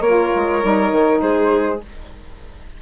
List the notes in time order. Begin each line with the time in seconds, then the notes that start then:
0.00 A#3 F4 A#4 C#5
0.35 G#3
0.62 G3 D#4
0.91 D#3
1.21 G#3 G#4 C5